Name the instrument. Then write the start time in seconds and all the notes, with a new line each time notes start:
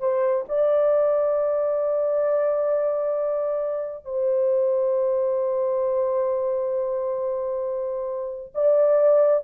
horn
0.00 C5
0.48 D5
4.05 C5
8.54 D5